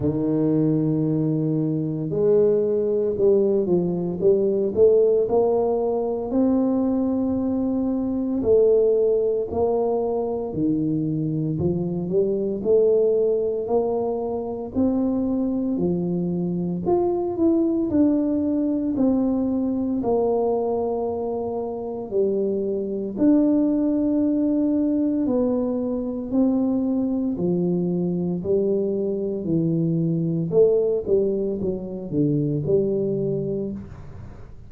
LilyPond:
\new Staff \with { instrumentName = "tuba" } { \time 4/4 \tempo 4 = 57 dis2 gis4 g8 f8 | g8 a8 ais4 c'2 | a4 ais4 dis4 f8 g8 | a4 ais4 c'4 f4 |
f'8 e'8 d'4 c'4 ais4~ | ais4 g4 d'2 | b4 c'4 f4 g4 | e4 a8 g8 fis8 d8 g4 | }